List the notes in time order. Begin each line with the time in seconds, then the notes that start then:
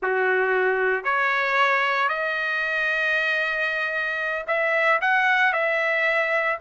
0.02 F#4
1.04 C#5
2.08 D#5
4.47 E5
5.01 F#5
5.52 E5